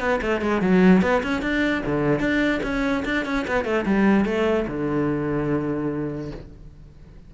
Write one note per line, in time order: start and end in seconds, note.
0.00 0.20 B3
0.22 0.41 A3
0.41 0.62 G#3
0.62 1.02 F#3
1.02 1.23 B3
1.24 1.42 C#4
1.42 1.83 D4
1.86 2.20 D3
2.20 2.61 D4
2.63 3.04 C#4
3.05 3.26 D4
3.26 3.46 C#4
3.48 3.65 B3
3.65 3.85 A3
3.86 4.25 G3
4.25 4.66 A3
4.68 6.31 D3